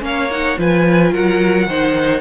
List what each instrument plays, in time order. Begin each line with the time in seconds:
0.00 cello A#3, viola C#4, violin C#5 F5
0.31 viola D#4, violin F#5
0.58 cello F3, viola F4, violin B4 G#5
1.12 cello F#3, violin A#4 F#5
1.67 cello D#3, viola D#4, violin C5